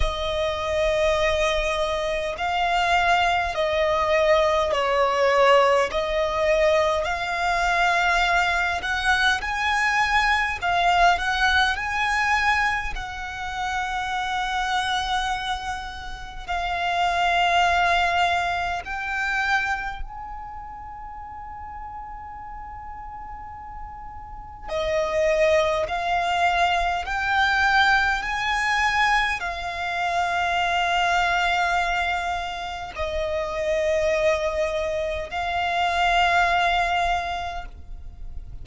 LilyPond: \new Staff \with { instrumentName = "violin" } { \time 4/4 \tempo 4 = 51 dis''2 f''4 dis''4 | cis''4 dis''4 f''4. fis''8 | gis''4 f''8 fis''8 gis''4 fis''4~ | fis''2 f''2 |
g''4 gis''2.~ | gis''4 dis''4 f''4 g''4 | gis''4 f''2. | dis''2 f''2 | }